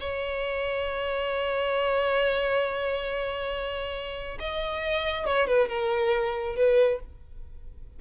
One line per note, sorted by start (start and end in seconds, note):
0.00 4.38 C#5
4.39 5.25 D#5
5.25 5.47 C#5
5.47 5.68 B4
5.68 6.56 A#4
6.56 6.99 B4